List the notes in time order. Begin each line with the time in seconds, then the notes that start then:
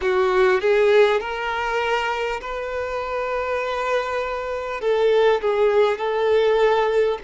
0.01 F#4
0.60 G#4
1.20 A#4
2.41 B4
4.80 A4
5.41 G#4
5.97 A4